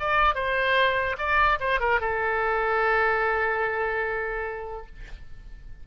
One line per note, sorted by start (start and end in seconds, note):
0.00 0.35 D5
0.35 1.17 C5
1.18 1.59 D5
1.60 1.81 C5
1.81 2.01 A#4
2.01 4.86 A4